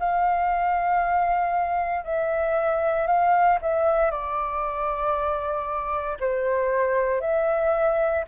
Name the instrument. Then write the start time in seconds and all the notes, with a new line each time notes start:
flute
0.00 F5
2.05 E5
3.08 F5
3.62 E5
4.11 D5
6.21 C5
7.21 E5